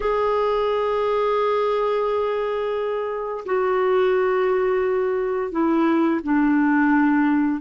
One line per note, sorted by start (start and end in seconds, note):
0.00 3.44 G#4
3.45 5.51 F#4
5.51 6.20 E4
6.23 7.61 D4